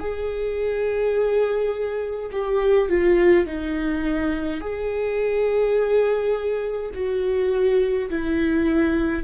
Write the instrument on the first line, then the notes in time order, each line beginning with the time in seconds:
viola
0.00 G#4
2.32 G4
2.89 F4
3.46 D#4
4.60 G#4
6.94 F#4
8.10 E4